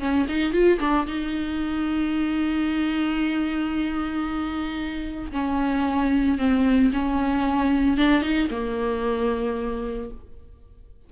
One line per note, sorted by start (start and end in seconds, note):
0.00 0.27 C#4
0.29 0.53 D#4
0.53 0.79 F4
0.80 1.06 D4
1.07 5.32 D#4
5.32 6.38 C#4
6.38 6.91 C4
6.93 7.97 C#4
7.97 8.23 D4
8.23 8.49 D#4
8.51 10.10 A#3